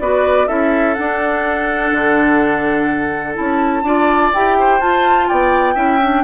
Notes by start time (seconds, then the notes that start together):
0.00 B3 F#4 B4 D5
0.48 C#4 E4 A4 E5
0.95 D4 F#5
1.92 D3
3.35 C#4 E4 A5
3.83 D4 F4 D5
4.34 E4 G4 G5
4.59 C5
4.80 F4 A5
5.29 B3 D5 G5
5.75 C#4 E4 E5
6.02 D4